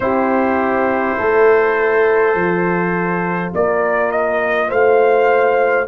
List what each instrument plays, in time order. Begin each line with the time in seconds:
0.00 tuba C4, trombone E4, horn G4, trumpet C5
1.18 tuba A3, horn A4
2.34 tuba F3, trombone F4
3.54 tuba A#3, horn A#4, trumpet D5
4.11 trumpet D#5
4.68 tuba A3, horn C5, trumpet F5